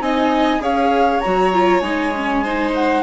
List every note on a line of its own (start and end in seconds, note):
0.00 0.60 C4
0.00 0.60 D#4
0.00 0.62 D#5
0.00 0.62 G#5
0.60 1.20 C#4
0.60 1.20 G#4
0.60 2.43 C#5
0.60 1.20 F5
1.20 1.81 F#3
1.20 1.53 F#4
1.20 1.79 A#5
1.53 1.82 F4
1.79 3.03 G#3
1.79 2.13 D#4
1.79 2.70 G#5
2.15 2.45 C#4
2.43 3.03 D#4
2.43 3.03 C5
2.74 3.03 F#5